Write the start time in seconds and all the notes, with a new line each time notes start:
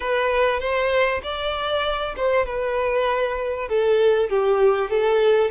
0.00 B4
0.60 C5
1.23 D5
2.16 C5
2.46 B4
3.68 A4
4.29 G4
4.90 A4